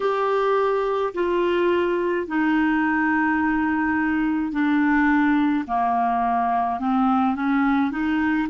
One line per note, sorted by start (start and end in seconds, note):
0.00 1.13 G4
1.13 2.26 F4
2.27 4.51 D#4
4.51 5.64 D4
5.67 6.79 A#3
6.79 7.35 C4
7.35 7.91 C#4
7.91 8.48 D#4